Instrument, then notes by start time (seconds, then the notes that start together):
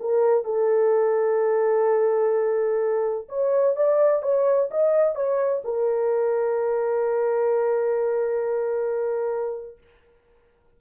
horn
0.00 A#4
0.44 A4
3.29 C#5
3.76 D5
4.22 C#5
4.71 D#5
5.15 C#5
5.64 A#4